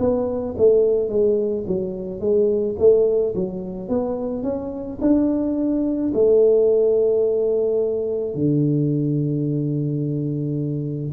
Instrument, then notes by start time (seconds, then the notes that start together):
tuba
0.00 B3
0.58 A3
1.10 G#3
1.67 F#3
2.21 G#3
2.79 A3
3.35 F#3
3.89 B3
4.43 C#4
5.02 D4
6.14 A3
8.35 D3